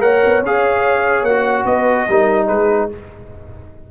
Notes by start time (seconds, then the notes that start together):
0.00 A#3 A#4 C#5 F#5
0.25 B3
0.41 C#4 G#4 F5
1.22 A#3 F#4 F#5
1.65 B3 B4 D#5
2.08 G3 D#4 A#4
2.46 G#3 G#4 B4